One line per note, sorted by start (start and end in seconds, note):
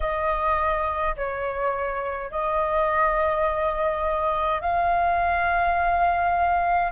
0.00 1.15 D#5
1.16 2.31 C#5
2.31 4.61 D#5
4.61 6.92 F5